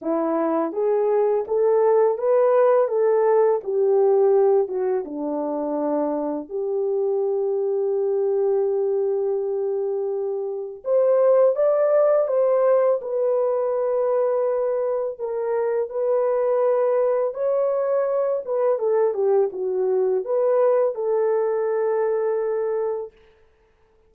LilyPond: \new Staff \with { instrumentName = "horn" } { \time 4/4 \tempo 4 = 83 e'4 gis'4 a'4 b'4 | a'4 g'4. fis'8 d'4~ | d'4 g'2.~ | g'2. c''4 |
d''4 c''4 b'2~ | b'4 ais'4 b'2 | cis''4. b'8 a'8 g'8 fis'4 | b'4 a'2. | }